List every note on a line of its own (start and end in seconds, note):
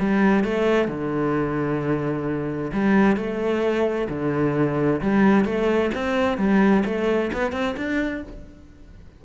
0.00 0.44 G3
0.44 0.88 A3
0.88 2.71 D3
2.73 3.17 G3
3.17 4.08 A3
4.10 5.01 D3
5.02 5.45 G3
5.45 5.91 A3
5.95 6.38 C4
6.38 6.84 G3
6.86 7.31 A3
7.33 7.52 B3
7.52 7.75 C4
7.77 8.23 D4